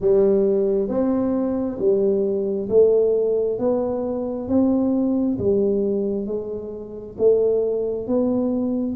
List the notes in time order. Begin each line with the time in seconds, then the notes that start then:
0.00 G3
0.88 C4
1.78 G3
2.69 A3
3.58 B3
4.48 C4
5.38 G3
6.26 G#3
7.18 A3
8.07 B3